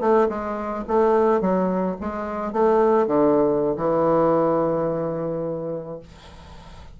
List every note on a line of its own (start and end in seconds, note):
0.00 0.28 A3
0.29 0.84 G#3
0.88 1.41 A3
1.41 1.96 F#3
2.00 2.52 G#3
2.52 3.07 A3
3.07 3.77 D3
3.77 5.99 E3